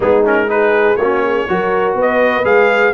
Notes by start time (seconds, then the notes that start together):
0.00 G#3 B3 D#4 G#4
0.25 C#4 A#4
0.48 D#4 G#4 B4
0.96 A#3 F#4 C#5
1.02 C#4
1.23 G#4
1.48 F#3 F#4 A#4
1.94 B3 B4
2.01 D#5
2.44 G#3 G#4 F5